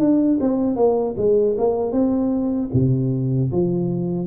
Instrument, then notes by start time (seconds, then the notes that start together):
tuba
0.00 D4
0.41 C4
0.77 A#3
1.18 G#3
1.58 A#3
1.92 C4
2.74 C3
3.52 F3